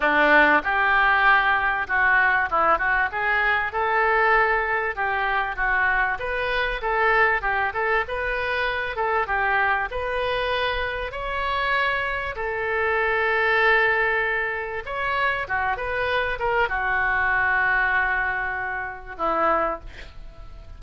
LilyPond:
\new Staff \with { instrumentName = "oboe" } { \time 4/4 \tempo 4 = 97 d'4 g'2 fis'4 | e'8 fis'8 gis'4 a'2 | g'4 fis'4 b'4 a'4 | g'8 a'8 b'4. a'8 g'4 |
b'2 cis''2 | a'1 | cis''4 fis'8 b'4 ais'8 fis'4~ | fis'2. e'4 | }